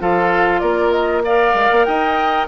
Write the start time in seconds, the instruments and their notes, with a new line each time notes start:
0.00 bassoon F3, clarinet F4, oboe A4, flute F5
0.60 bassoon A#3, oboe A#4, flute D5
0.91 flute D#5
1.25 clarinet A#4, oboe D5, flute F5
1.54 bassoon G#3
1.72 bassoon A#3
1.85 bassoon D#4, oboe D#5, flute G5